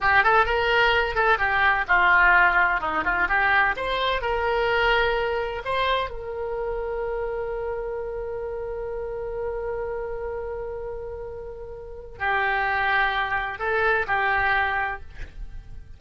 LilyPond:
\new Staff \with { instrumentName = "oboe" } { \time 4/4 \tempo 4 = 128 g'8 a'8 ais'4. a'8 g'4 | f'2 dis'8 f'8 g'4 | c''4 ais'2. | c''4 ais'2.~ |
ais'1~ | ais'1~ | ais'2 g'2~ | g'4 a'4 g'2 | }